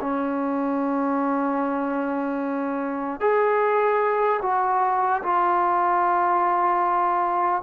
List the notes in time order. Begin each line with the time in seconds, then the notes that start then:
0.00 C#4
3.20 G#4
4.42 F#4
5.23 F4